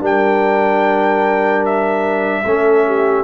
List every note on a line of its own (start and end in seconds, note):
0.00 2.43 G3
0.00 2.44 D4
0.00 2.44 A#4
0.00 1.65 G5
1.65 3.24 E5
2.44 3.24 A3
2.44 3.24 C#4
2.44 2.86 A4
2.86 3.24 G4